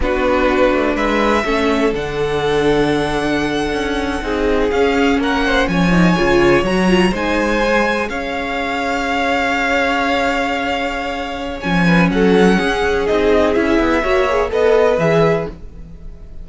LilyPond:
<<
  \new Staff \with { instrumentName = "violin" } { \time 4/4 \tempo 4 = 124 b'2 e''2 | fis''1~ | fis''4.~ fis''16 f''4 fis''4 gis''16~ | gis''4.~ gis''16 ais''4 gis''4~ gis''16~ |
gis''8. f''2.~ f''16~ | f''1 | gis''4 fis''2 dis''4 | e''2 dis''4 e''4 | }
  \new Staff \with { instrumentName = "violin" } { \time 4/4 fis'2 b'4 a'4~ | a'1~ | a'8. gis'2 ais'8 c''8 cis''16~ | cis''2~ cis''8. c''4~ c''16~ |
c''8. cis''2.~ cis''16~ | cis''1~ | cis''8 b'8 a'4 gis'2~ | gis'4 cis''4 b'2 | }
  \new Staff \with { instrumentName = "viola" } { \time 4/4 d'2. cis'4 | d'1~ | d'8. dis'4 cis'2~ cis'16~ | cis'16 dis'8 f'4 fis'8 f'8 dis'4 gis'16~ |
gis'1~ | gis'1 | cis'2. dis'4 | e'4 fis'8 gis'8 a'4 gis'4 | }
  \new Staff \with { instrumentName = "cello" } { \time 4/4 b4. a8 gis4 a4 | d2.~ d8. cis'16~ | cis'8. c'4 cis'4 ais4 f16~ | f8. cis4 fis4 gis4~ gis16~ |
gis8. cis'2.~ cis'16~ | cis'1 | f4 fis4 cis'4 c'4 | cis'8 b8 ais4 b4 e4 | }
>>